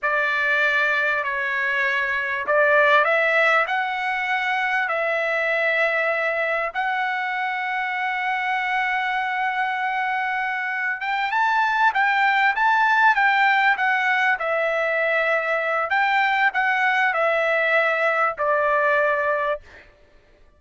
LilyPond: \new Staff \with { instrumentName = "trumpet" } { \time 4/4 \tempo 4 = 98 d''2 cis''2 | d''4 e''4 fis''2 | e''2. fis''4~ | fis''1~ |
fis''2 g''8 a''4 g''8~ | g''8 a''4 g''4 fis''4 e''8~ | e''2 g''4 fis''4 | e''2 d''2 | }